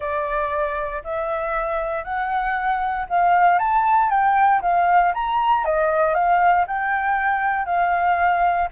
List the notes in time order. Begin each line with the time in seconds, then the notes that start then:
0.00 D5
1.03 E5
2.04 F#5
3.09 F5
3.59 A5
4.09 G5
4.61 F5
5.14 A#5
5.64 D#5
6.14 F5
6.67 G5
7.65 F5